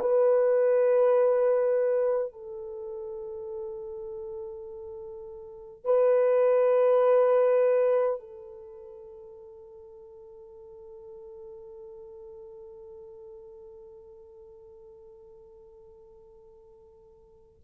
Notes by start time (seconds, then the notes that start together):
0.00 B4
2.33 A4
5.85 B4
8.20 A4